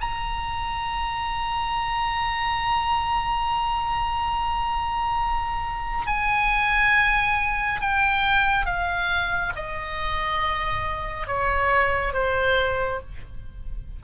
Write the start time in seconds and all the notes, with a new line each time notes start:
0.00 A#5
6.06 G#5
7.80 G5
8.65 F5
9.56 D#5
11.26 C#5
12.13 C5